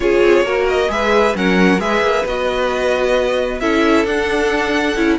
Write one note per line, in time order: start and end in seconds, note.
0.00 0.19 C#4
0.00 0.45 F4
0.00 0.45 G#4
0.00 0.67 C#5
0.22 0.43 C4
0.43 0.88 A#3
0.43 0.88 F#4
0.43 0.90 A#4
0.68 0.90 D#5
0.88 1.34 G#3
0.88 1.33 G#4
0.88 1.37 B4
0.88 1.35 E5
1.34 1.78 F#3
1.34 1.79 C#4
1.34 1.81 A#4
1.34 1.80 F#5
1.78 2.00 G#3
1.78 2.24 G#4
1.78 3.61 B4
1.78 2.25 E5
2.00 2.23 A#3
2.25 3.60 B3
2.25 3.61 F#4
2.25 3.60 D#5
3.60 4.04 C#4
3.60 4.06 E4
3.60 5.18 A4
3.60 4.05 E5
4.04 4.95 D4
4.04 4.96 D4
4.04 5.18 F#5
4.96 5.18 C#4
4.96 5.18 E4